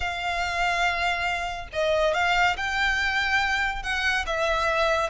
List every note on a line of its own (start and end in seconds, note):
0.00 1.68 F5
1.73 2.14 D#5
2.14 2.56 F5
2.56 3.82 G5
3.82 4.25 F#5
4.26 5.10 E5